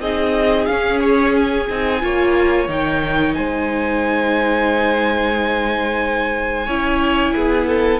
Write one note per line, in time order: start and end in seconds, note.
0.00 0.67 C4
0.00 0.68 D#4
0.00 2.00 G#4
0.00 0.66 D#5
0.66 1.68 C#4
0.66 0.99 F5
1.01 1.34 C#5
1.35 2.68 G#5
1.69 2.03 C4
1.69 2.01 D#4
2.01 2.68 A#3
2.01 2.67 F4
2.01 3.37 C#5
2.67 3.35 D#3
2.67 6.67 D#4
2.67 3.34 G5
3.34 6.67 G#3
3.34 6.66 C5
3.34 8.00 G#5
6.66 7.34 C#4
6.66 8.00 E4
6.66 7.33 C#5
7.35 8.00 B3
7.35 7.67 G#4
7.67 8.00 A4